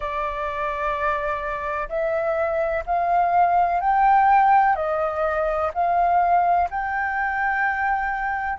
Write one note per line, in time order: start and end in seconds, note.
0.00 1.88 D5
1.88 2.84 E5
2.86 3.80 F5
3.80 4.75 G5
4.75 5.71 D#5
5.74 6.69 F5
6.70 8.58 G5